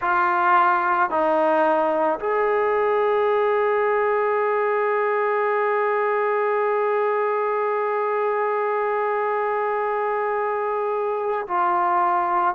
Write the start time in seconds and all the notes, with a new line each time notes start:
0.00 F4
1.10 D#4
2.19 G#4
11.47 F4